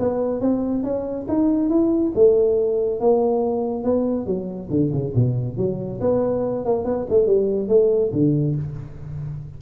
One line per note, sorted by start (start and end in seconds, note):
0.00 0.41 B3
0.41 0.84 C4
0.84 1.27 C#4
1.29 1.70 D#4
1.70 2.13 E4
2.16 3.01 A3
3.01 3.84 A#3
3.84 4.27 B3
4.27 4.69 F#3
4.71 4.92 D3
4.93 5.14 C#3
5.16 5.58 B2
5.58 6.01 F#3
6.01 6.65 B3
6.66 6.85 A#3
6.85 7.07 B3
7.10 7.27 A3
7.27 7.69 G3
7.69 8.12 A3
8.13 8.56 D3